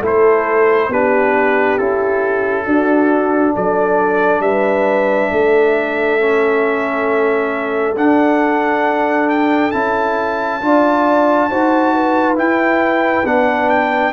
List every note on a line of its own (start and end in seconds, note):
0.00 0.89 A3
0.00 0.91 E4
0.00 0.88 A4
0.07 0.92 C5
0.89 1.77 B3
0.89 1.79 D4
0.89 2.65 G4
0.89 1.78 B4
1.78 2.66 C#4
1.78 2.67 E4
1.78 3.54 A4
2.65 3.54 D4
2.65 6.19 D4
2.65 3.54 F#4
3.55 4.40 F#3
3.55 4.43 A4
3.55 4.42 D5
4.40 5.28 G3
4.40 5.32 B4
4.40 7.95 E5
5.32 7.96 A3
5.32 10.63 A4
6.19 7.96 C#4
7.96 9.73 D4
7.96 9.29 F#5
9.29 9.71 G5
9.71 10.62 C#4
9.71 10.61 E4
9.71 12.36 A5
10.62 11.50 D4
10.62 11.50 F4
10.62 11.50 D5
11.50 12.38 D#4
11.50 12.36 F#4
11.50 11.94 C5
11.94 14.13 B4
12.36 13.24 E4
12.36 13.25 E4
12.36 13.26 G5
13.25 14.13 B3
13.25 14.13 D4
13.25 13.69 F#5
13.69 14.13 G5